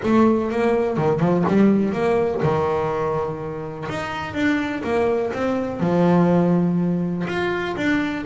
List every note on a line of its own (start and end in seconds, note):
0.03 0.51 A3
0.51 0.97 A#3
0.97 1.20 D#3
1.20 1.44 F3
1.48 1.92 G3
1.92 2.41 A#3
2.42 3.87 D#3
3.89 4.34 D#4
4.34 4.82 D4
4.83 5.32 A#3
5.33 5.80 C4
5.80 7.25 F3
7.27 7.75 F4
7.76 8.25 D4